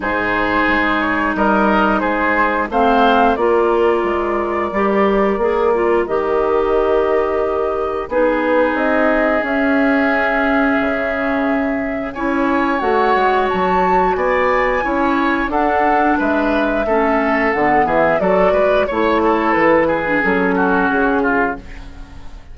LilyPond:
<<
  \new Staff \with { instrumentName = "flute" } { \time 4/4 \tempo 4 = 89 c''4. cis''8 dis''4 c''4 | f''4 d''2.~ | d''4 dis''2. | b'4 dis''4 e''2~ |
e''2 gis''4 fis''4 | a''4 gis''2 fis''4 | e''2 fis''8 e''8 d''4 | cis''4 b'4 a'4 gis'4 | }
  \new Staff \with { instrumentName = "oboe" } { \time 4/4 gis'2 ais'4 gis'4 | c''4 ais'2.~ | ais'1 | gis'1~ |
gis'2 cis''2~ | cis''4 d''4 cis''4 a'4 | b'4 a'4. gis'8 a'8 b'8 | cis''8 a'4 gis'4 fis'4 f'8 | }
  \new Staff \with { instrumentName = "clarinet" } { \time 4/4 dis'1 | c'4 f'2 g'4 | gis'8 f'8 g'2. | dis'2 cis'2~ |
cis'2 e'4 fis'4~ | fis'2 e'4 d'4~ | d'4 cis'4 b4 fis'4 | e'4.~ e'16 d'16 cis'2 | }
  \new Staff \with { instrumentName = "bassoon" } { \time 4/4 gis,4 gis4 g4 gis4 | a4 ais4 gis4 g4 | ais4 dis2. | b4 c'4 cis'2 |
cis2 cis'4 a8 gis8 | fis4 b4 cis'4 d'4 | gis4 a4 d8 e8 fis8 gis8 | a4 e4 fis4 cis4 | }
>>